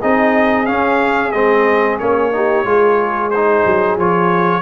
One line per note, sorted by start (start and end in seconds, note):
0.00 0.69 C4
0.00 0.67 D#4
0.00 2.31 G#4
0.00 0.66 D#5
0.66 1.33 C#4
0.66 1.34 C#4
0.66 1.32 F5
1.32 2.00 G#3
1.32 2.00 C4
1.32 1.98 D#5
1.99 2.65 A#3
1.99 2.33 C#4
1.99 3.30 C#5
2.33 2.65 D#4
2.33 2.66 G4
2.65 3.64 G#3
2.65 3.31 F4
2.65 4.62 G#4
3.30 3.99 D#4
3.30 3.96 C5
3.66 3.98 F#3
3.98 4.62 F3
3.98 4.62 F4
3.98 4.62 C#5